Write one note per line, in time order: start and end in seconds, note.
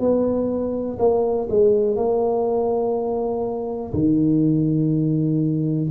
0.00 0.98 B3
0.99 1.48 A#3
1.50 1.97 G#3
1.97 3.93 A#3
3.93 5.90 D#3